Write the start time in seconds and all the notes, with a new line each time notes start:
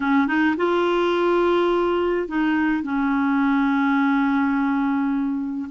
0.00 C#4
0.27 D#4
0.56 F4
2.28 D#4
2.83 C#4